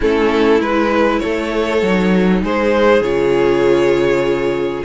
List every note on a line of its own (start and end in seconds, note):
0.00 0.60 A3
0.00 0.61 C#4
0.00 1.19 E4
0.00 0.61 A4
0.60 1.21 G#3
0.60 1.82 E4
0.60 1.19 B4
1.19 1.82 A3
1.19 2.42 A4
1.19 2.40 C#5
1.82 2.42 F#3
1.82 3.03 D#4
2.42 3.00 G#3
2.42 4.84 G#4
2.42 3.02 C5
3.00 4.82 C#3
3.00 4.84 F4
3.00 4.84 C#5